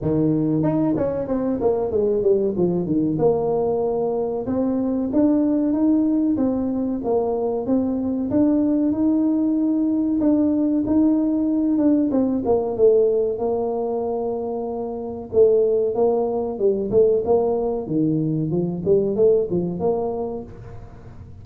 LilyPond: \new Staff \with { instrumentName = "tuba" } { \time 4/4 \tempo 4 = 94 dis4 dis'8 cis'8 c'8 ais8 gis8 g8 | f8 dis8 ais2 c'4 | d'4 dis'4 c'4 ais4 | c'4 d'4 dis'2 |
d'4 dis'4. d'8 c'8 ais8 | a4 ais2. | a4 ais4 g8 a8 ais4 | dis4 f8 g8 a8 f8 ais4 | }